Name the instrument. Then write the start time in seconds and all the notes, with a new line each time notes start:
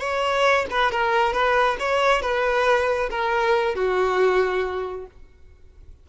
violin
0.00 C#5
0.70 B4
0.92 A#4
1.33 B4
1.80 C#5
2.22 B4
3.10 A#4
3.75 F#4